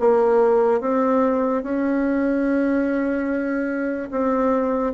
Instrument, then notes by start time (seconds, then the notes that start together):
bassoon
0.00 A#3
0.81 C4
1.63 C#4
4.11 C4